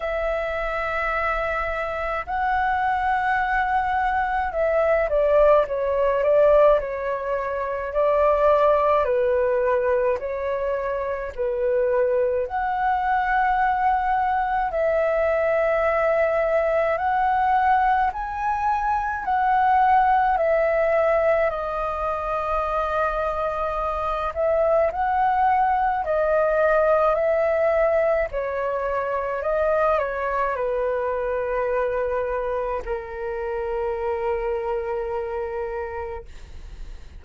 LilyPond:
\new Staff \with { instrumentName = "flute" } { \time 4/4 \tempo 4 = 53 e''2 fis''2 | e''8 d''8 cis''8 d''8 cis''4 d''4 | b'4 cis''4 b'4 fis''4~ | fis''4 e''2 fis''4 |
gis''4 fis''4 e''4 dis''4~ | dis''4. e''8 fis''4 dis''4 | e''4 cis''4 dis''8 cis''8 b'4~ | b'4 ais'2. | }